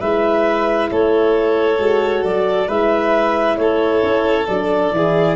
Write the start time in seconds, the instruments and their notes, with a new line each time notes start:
0.00 tuba G#3, horn E4, violin B4, clarinet E5
0.91 tuba A3, violin A4, clarinet C#5
1.79 tuba G#3, horn F#4
2.24 tuba F#3, clarinet D5
2.67 tuba G#3, horn E4, violin B4, clarinet E5
3.57 tuba A3, violin A4, clarinet C#5
4.03 tuba C#4
4.47 tuba F#3, horn D4, clarinet D5
4.92 tuba E3, horn E4, violin G#4